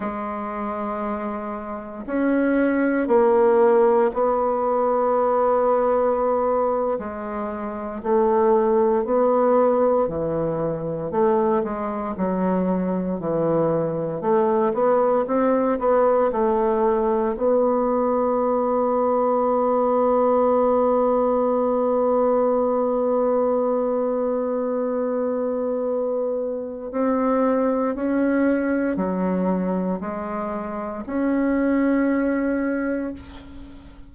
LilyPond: \new Staff \with { instrumentName = "bassoon" } { \time 4/4 \tempo 4 = 58 gis2 cis'4 ais4 | b2~ b8. gis4 a16~ | a8. b4 e4 a8 gis8 fis16~ | fis8. e4 a8 b8 c'8 b8 a16~ |
a8. b2.~ b16~ | b1~ | b2 c'4 cis'4 | fis4 gis4 cis'2 | }